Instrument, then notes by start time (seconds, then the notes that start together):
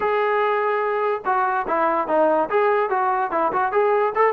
trombone
0.00 G#4
1.25 F#4
1.67 E4
2.07 D#4
2.49 G#4
2.89 F#4
3.31 E4
3.52 F#4
3.71 G#4
4.15 A4